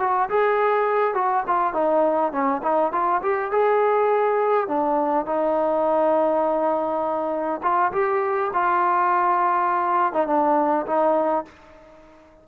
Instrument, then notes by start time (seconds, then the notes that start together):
trombone
0.00 F#4
0.30 G#4
1.14 F#4
1.47 F4
1.74 D#4
2.32 C#4
2.63 D#4
2.92 F4
3.22 G4
3.52 G#4
4.68 D4
5.26 D#4
7.63 F4
7.93 G4
8.54 F4
10.13 D#4
10.27 D4
10.86 D#4